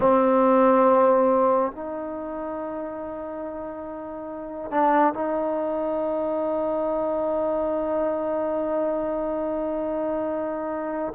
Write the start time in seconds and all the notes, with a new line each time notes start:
0.00 C4
1.71 D#4
4.71 D4
5.14 D#4